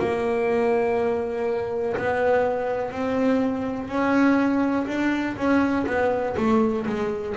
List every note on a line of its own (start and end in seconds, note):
0.00 1.97 A#3
1.97 2.92 B3
2.92 3.89 C4
3.89 4.87 C#4
4.87 5.37 D4
5.37 5.86 C#4
5.87 6.36 B3
6.38 6.87 A3
6.87 7.36 G#3